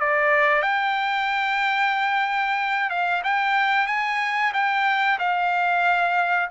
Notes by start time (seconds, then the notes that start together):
0.00 D5
0.62 G5
2.90 F5
3.24 G5
3.87 G#5
4.53 G5
5.19 F5